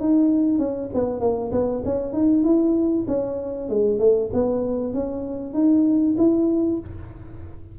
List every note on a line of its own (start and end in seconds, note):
0.00 0.59 D#4
0.59 0.90 C#4
0.94 1.20 B3
1.20 1.51 A#3
1.52 1.83 B3
1.85 2.13 C#4
2.13 2.44 D#4
2.44 3.06 E4
3.08 3.69 C#4
3.69 4.00 G#3
4.00 4.30 A3
4.33 4.94 B3
4.94 5.54 C#4
5.54 6.15 D#4
6.18 6.80 E4